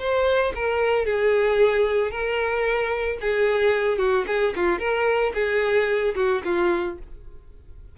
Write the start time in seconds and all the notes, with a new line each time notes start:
0.00 C5
0.56 A#4
1.06 G#4
2.11 A#4
3.22 G#4
3.99 F#4
4.28 G#4
4.56 F4
4.79 A#4
5.35 G#4
6.16 F#4
6.45 F4